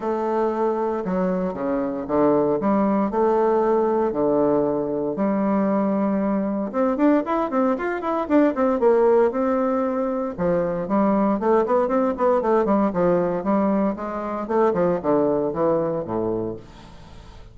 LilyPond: \new Staff \with { instrumentName = "bassoon" } { \time 4/4 \tempo 4 = 116 a2 fis4 cis4 | d4 g4 a2 | d2 g2~ | g4 c'8 d'8 e'8 c'8 f'8 e'8 |
d'8 c'8 ais4 c'2 | f4 g4 a8 b8 c'8 b8 | a8 g8 f4 g4 gis4 | a8 f8 d4 e4 a,4 | }